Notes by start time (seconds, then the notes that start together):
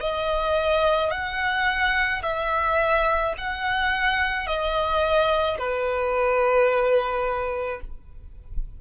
0.00 D#5
1.11 F#5
2.22 E5
3.37 F#5
4.46 D#5
5.58 B4